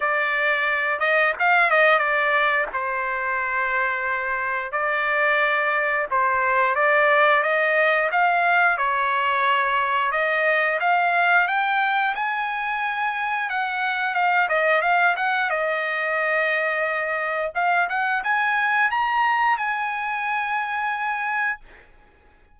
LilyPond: \new Staff \with { instrumentName = "trumpet" } { \time 4/4 \tempo 4 = 89 d''4. dis''8 f''8 dis''8 d''4 | c''2. d''4~ | d''4 c''4 d''4 dis''4 | f''4 cis''2 dis''4 |
f''4 g''4 gis''2 | fis''4 f''8 dis''8 f''8 fis''8 dis''4~ | dis''2 f''8 fis''8 gis''4 | ais''4 gis''2. | }